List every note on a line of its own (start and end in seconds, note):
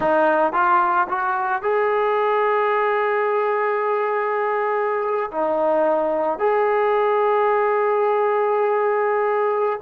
0.00 0.52 D#4
0.53 1.07 F4
1.08 1.62 F#4
1.62 5.30 G#4
5.31 6.38 D#4
6.38 9.79 G#4